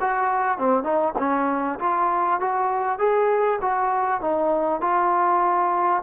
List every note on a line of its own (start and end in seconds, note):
0.00 0.58 F#4
0.58 0.83 C4
0.83 1.13 D#4
1.18 1.79 C#4
1.79 2.40 F4
2.40 2.99 F#4
2.99 3.59 G#4
3.61 4.21 F#4
4.21 4.81 D#4
4.81 6.02 F4